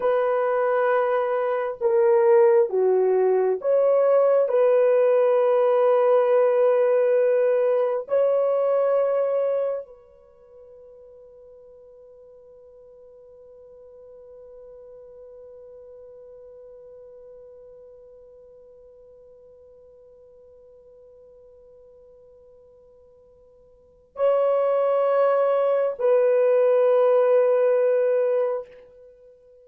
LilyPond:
\new Staff \with { instrumentName = "horn" } { \time 4/4 \tempo 4 = 67 b'2 ais'4 fis'4 | cis''4 b'2.~ | b'4 cis''2 b'4~ | b'1~ |
b'1~ | b'1~ | b'2. cis''4~ | cis''4 b'2. | }